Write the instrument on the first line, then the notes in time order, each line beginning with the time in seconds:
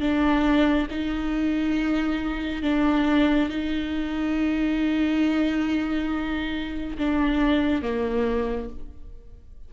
viola
0.00 D4
0.90 D#4
2.62 D4
3.49 D#4
6.98 D4
7.82 A#3